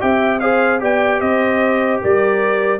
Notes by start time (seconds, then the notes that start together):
0.00 C4 G4 E5 G5
0.40 G#4 C5 F5
0.80 B3 G4 D5 G5
1.21 C4 C5 D#5
2.01 G3 A#4 D5